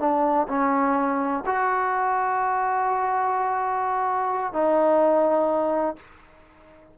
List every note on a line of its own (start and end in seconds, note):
0.00 0.48 D4
0.49 1.44 C#4
1.47 4.54 F#4
4.54 5.97 D#4